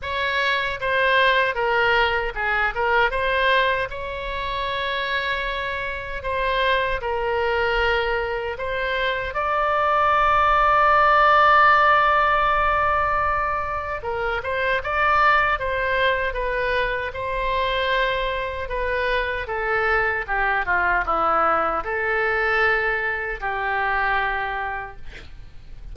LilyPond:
\new Staff \with { instrumentName = "oboe" } { \time 4/4 \tempo 4 = 77 cis''4 c''4 ais'4 gis'8 ais'8 | c''4 cis''2. | c''4 ais'2 c''4 | d''1~ |
d''2 ais'8 c''8 d''4 | c''4 b'4 c''2 | b'4 a'4 g'8 f'8 e'4 | a'2 g'2 | }